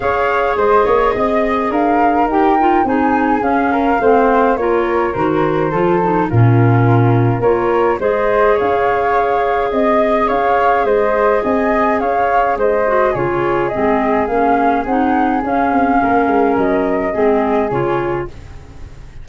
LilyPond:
<<
  \new Staff \with { instrumentName = "flute" } { \time 4/4 \tempo 4 = 105 f''4 dis''2 f''4 | g''4 gis''4 f''2 | cis''4 c''2 ais'4~ | ais'4 cis''4 dis''4 f''4~ |
f''4 dis''4 f''4 dis''4 | gis''4 f''4 dis''4 cis''4 | dis''4 f''4 fis''4 f''4~ | f''4 dis''2 cis''4 | }
  \new Staff \with { instrumentName = "flute" } { \time 4/4 cis''4 c''8 cis''8 dis''4 ais'4~ | ais'4 gis'4. ais'8 c''4 | ais'2 a'4 f'4~ | f'4 ais'4 c''4 cis''4~ |
cis''4 dis''4 cis''4 c''4 | dis''4 cis''4 c''4 gis'4~ | gis'1 | ais'2 gis'2 | }
  \new Staff \with { instrumentName = "clarinet" } { \time 4/4 gis'1 | g'8 f'8 dis'4 cis'4 c'4 | f'4 fis'4 f'8 dis'8 cis'4~ | cis'4 f'4 gis'2~ |
gis'1~ | gis'2~ gis'8 fis'8 f'4 | c'4 cis'4 dis'4 cis'4~ | cis'2 c'4 f'4 | }
  \new Staff \with { instrumentName = "tuba" } { \time 4/4 cis'4 gis8 ais8 c'4 d'4 | dis'4 c'4 cis'4 a4 | ais4 dis4 f4 ais,4~ | ais,4 ais4 gis4 cis'4~ |
cis'4 c'4 cis'4 gis4 | c'4 cis'4 gis4 cis4 | gis4 ais4 c'4 cis'8 c'8 | ais8 gis8 fis4 gis4 cis4 | }
>>